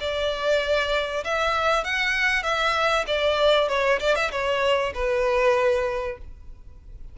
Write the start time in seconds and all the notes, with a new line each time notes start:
0.00 D5
1.24 E5
1.84 F#5
2.43 E5
3.07 D5
3.69 C#5
4.00 D5
4.16 E5
4.31 C#5
4.94 B4